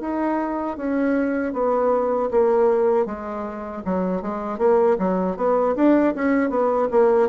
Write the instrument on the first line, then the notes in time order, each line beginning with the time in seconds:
bassoon
0.00 D#4
0.77 C#4
1.53 B3
2.30 A#3
3.05 G#3
3.85 F#3
4.22 G#3
4.58 A#3
4.98 F#3
5.36 B3
5.76 D4
6.15 C#4
6.49 B3
6.91 A#3